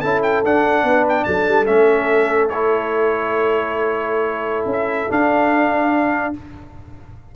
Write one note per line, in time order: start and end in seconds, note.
0.00 0.45 C#4
0.00 0.44 E4
0.00 0.83 A4
0.00 0.21 A5
0.22 0.43 G5
0.44 1.66 D4
0.44 0.83 D4
0.44 1.07 F#5
0.83 1.25 B3
0.83 1.26 B4
1.09 1.24 G5
1.24 1.47 F#3
1.24 6.33 A4
1.24 1.66 A5
1.47 1.68 G3
1.66 4.65 A3
1.66 2.49 C#4
1.66 2.49 E5
2.49 5.09 E4
2.49 4.66 C#5
4.65 5.06 C#4
4.72 5.11 E5
5.09 6.33 D4
5.09 6.34 D4
5.09 6.35 F5